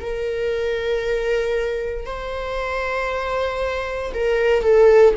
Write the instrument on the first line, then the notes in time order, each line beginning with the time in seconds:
viola
0.00 A#4
2.05 C5
4.14 A#4
4.63 A4